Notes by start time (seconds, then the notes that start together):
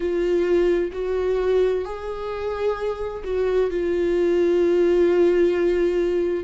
0.00 F4
0.92 F#4
1.85 G#4
3.23 F#4
3.70 F4